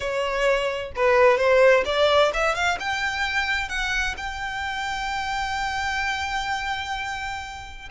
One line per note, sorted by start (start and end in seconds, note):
0.00 0.92 C#5
0.96 1.37 B4
1.37 1.84 C5
1.85 2.32 D5
2.33 2.54 E5
2.54 2.78 F5
2.79 3.68 G5
3.68 4.15 F#5
4.17 7.89 G5